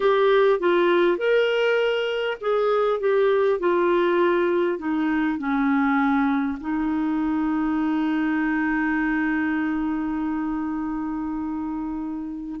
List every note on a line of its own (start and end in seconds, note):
0.00 0.59 G4
0.59 1.17 F4
1.17 2.37 A#4
2.40 3.00 G#4
3.00 3.59 G4
3.59 4.78 F4
4.78 5.38 D#4
5.38 6.58 C#4
6.60 12.60 D#4